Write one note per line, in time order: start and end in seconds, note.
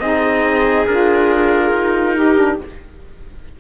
0.00 0.87 C4
0.00 0.86 D#4
0.00 2.16 G#4
0.00 0.86 D#5
0.87 1.71 D4
0.87 2.16 F4
0.87 2.59 A#4
1.71 2.57 D#4
2.16 2.37 D#4
2.16 2.60 G4
2.37 2.59 D4